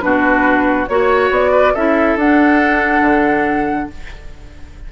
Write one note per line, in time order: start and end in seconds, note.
0.00 0.88 B2
0.00 0.87 D4
0.00 0.89 F#4
0.00 0.86 B4
0.87 1.30 A#3
0.87 1.75 F#4
0.87 1.30 C#5
0.87 1.51 C#5
1.30 1.73 B3
1.30 1.75 D5
1.51 1.73 B4
1.73 2.15 C#4
1.73 2.18 E4
1.73 3.88 A4
1.73 2.18 E5
2.15 3.00 D4
2.15 3.91 D4
2.15 3.90 F#5
3.00 3.86 D3